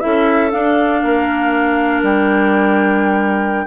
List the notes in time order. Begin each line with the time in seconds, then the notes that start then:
0.00 C#4 E4 A4 E5
0.51 D4 F5
1.02 A#3 A#4
2.03 G3 G5